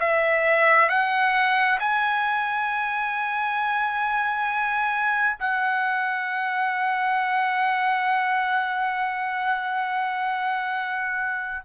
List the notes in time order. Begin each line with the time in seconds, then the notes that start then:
0.00 E5
0.89 F#5
1.80 G#5
5.39 F#5